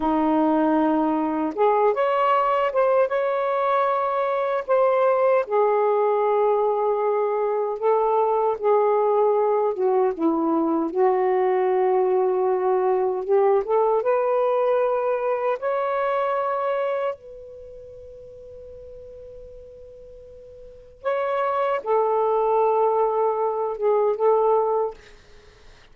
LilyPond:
\new Staff \with { instrumentName = "saxophone" } { \time 4/4 \tempo 4 = 77 dis'2 gis'8 cis''4 c''8 | cis''2 c''4 gis'4~ | gis'2 a'4 gis'4~ | gis'8 fis'8 e'4 fis'2~ |
fis'4 g'8 a'8 b'2 | cis''2 b'2~ | b'2. cis''4 | a'2~ a'8 gis'8 a'4 | }